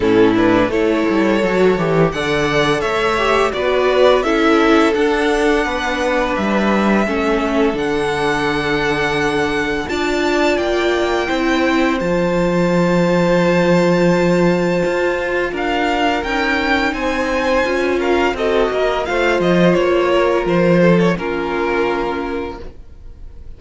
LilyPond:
<<
  \new Staff \with { instrumentName = "violin" } { \time 4/4 \tempo 4 = 85 a'8 b'8 cis''2 fis''4 | e''4 d''4 e''4 fis''4~ | fis''4 e''2 fis''4~ | fis''2 a''4 g''4~ |
g''4 a''2.~ | a''2 f''4 g''4 | gis''4. f''8 dis''4 f''8 dis''8 | cis''4 c''8. cis''16 ais'2 | }
  \new Staff \with { instrumentName = "violin" } { \time 4/4 e'4 a'2 d''4 | cis''4 b'4 a'2 | b'2 a'2~ | a'2 d''2 |
c''1~ | c''2 ais'2 | c''4. ais'8 a'8 ais'8 c''4~ | c''8 ais'4 a'8 f'2 | }
  \new Staff \with { instrumentName = "viola" } { \time 4/4 cis'8 d'8 e'4 fis'8 g'8 a'4~ | a'8 g'8 fis'4 e'4 d'4~ | d'2 cis'4 d'4~ | d'2 f'2 |
e'4 f'2.~ | f'2. dis'4~ | dis'4 f'4 fis'4 f'4~ | f'2 cis'2 | }
  \new Staff \with { instrumentName = "cello" } { \time 4/4 a,4 a8 g8 fis8 e8 d4 | a4 b4 cis'4 d'4 | b4 g4 a4 d4~ | d2 d'4 ais4 |
c'4 f2.~ | f4 f'4 d'4 cis'4 | c'4 cis'4 c'8 ais8 a8 f8 | ais4 f4 ais2 | }
>>